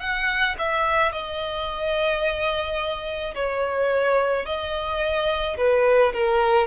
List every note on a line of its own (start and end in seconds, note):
0.00 0.56 F#5
0.59 1.12 E5
1.12 3.34 D#5
3.35 4.45 C#5
4.45 5.57 D#5
5.57 6.13 B4
6.13 6.67 A#4